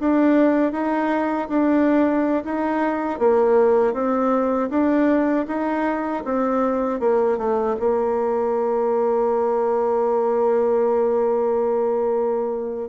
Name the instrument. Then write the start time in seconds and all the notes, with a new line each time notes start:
bassoon
0.00 D4
0.72 D#4
1.48 D4
2.44 D#4
3.19 A#3
3.93 C4
4.70 D4
5.48 D#4
6.25 C4
7.00 A#3
7.38 A3
7.80 A#3